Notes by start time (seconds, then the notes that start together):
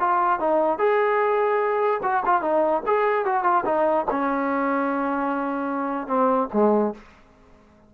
0.00 F4
0.40 D#4
0.79 G#4
2.03 F#4
2.26 F4
2.42 D#4
2.87 G#4
3.25 F#4
3.44 F4
3.65 D#4
4.11 C#4
6.08 C4
6.53 G#3